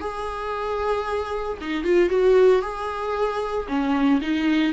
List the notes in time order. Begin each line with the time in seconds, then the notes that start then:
0.00 G#4
1.61 D#4
1.83 F4
2.09 F#4
2.62 G#4
3.68 C#4
4.21 D#4